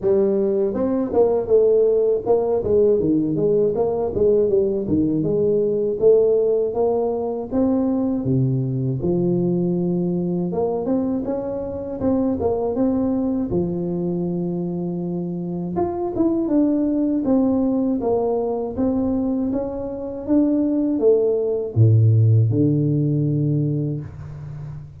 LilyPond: \new Staff \with { instrumentName = "tuba" } { \time 4/4 \tempo 4 = 80 g4 c'8 ais8 a4 ais8 gis8 | dis8 gis8 ais8 gis8 g8 dis8 gis4 | a4 ais4 c'4 c4 | f2 ais8 c'8 cis'4 |
c'8 ais8 c'4 f2~ | f4 f'8 e'8 d'4 c'4 | ais4 c'4 cis'4 d'4 | a4 a,4 d2 | }